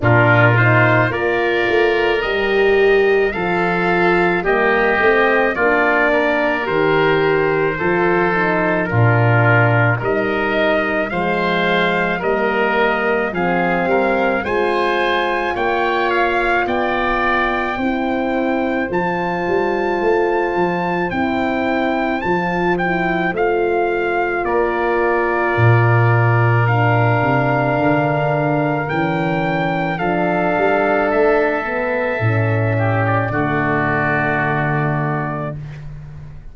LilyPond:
<<
  \new Staff \with { instrumentName = "trumpet" } { \time 4/4 \tempo 4 = 54 ais'8 c''8 d''4 dis''4 f''4 | dis''4 d''4 c''2 | ais'4 dis''4 f''4 dis''4 | f''4 gis''4 g''8 f''8 g''4~ |
g''4 a''2 g''4 | a''8 g''8 f''4 d''2 | f''2 g''4 f''4 | e''4.~ e''16 d''2~ d''16 | }
  \new Staff \with { instrumentName = "oboe" } { \time 4/4 f'4 ais'2 a'4 | g'4 f'8 ais'4. a'4 | f'4 ais'4 c''4 ais'4 | gis'8 ais'8 c''4 cis''4 d''4 |
c''1~ | c''2 ais'2~ | ais'2. a'4~ | a'4. g'8 fis'2 | }
  \new Staff \with { instrumentName = "horn" } { \time 4/4 d'8 dis'8 f'4 g'4 f'4 | ais8 c'8 d'4 g'4 f'8 dis'8 | d'4 dis'4 gis4 ais4 | c'4 f'2. |
e'4 f'2 e'4 | f'8 e'8 f'2. | d'2 cis'4 d'4~ | d'8 b8 cis'4 a2 | }
  \new Staff \with { instrumentName = "tuba" } { \time 4/4 ais,4 ais8 a8 g4 f4 | g8 a8 ais4 dis4 f4 | ais,4 g4 f4 g4 | f8 g8 gis4 ais4 b4 |
c'4 f8 g8 a8 f8 c'4 | f4 a4 ais4 ais,4~ | ais,8 c8 d4 e4 f8 g8 | a4 a,4 d2 | }
>>